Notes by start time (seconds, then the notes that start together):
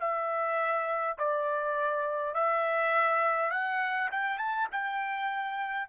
0.00 E5
1.18 D5
2.35 E5
3.51 F#5
4.12 G5
4.39 A5
4.72 G5